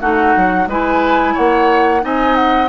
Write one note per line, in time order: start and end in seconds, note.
0.00 0.35 A3
0.00 0.68 D#4
0.00 0.68 F#4
0.00 0.67 F#5
0.36 0.67 F#3
0.67 1.34 G#3
0.67 2.01 E4
0.67 1.34 B4
0.67 1.36 G#5
1.34 2.04 A#3
1.34 2.01 C#5
1.34 2.04 F#5
2.01 2.69 C4
2.01 2.68 D#4
2.01 2.69 D#5
2.01 2.35 G#5
2.35 2.69 F#5